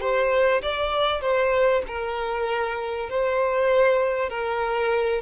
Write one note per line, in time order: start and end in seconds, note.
0.00 0.61 C5
0.62 1.21 D5
1.21 1.82 C5
1.87 3.09 A#4
3.09 4.30 C5
4.30 5.21 A#4